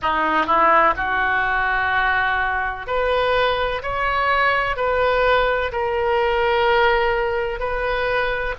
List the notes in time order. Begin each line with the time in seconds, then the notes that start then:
0.02 D#4
0.46 E4
0.96 F#4
2.87 B4
3.82 C#5
4.76 B4
5.71 A#4
7.59 B4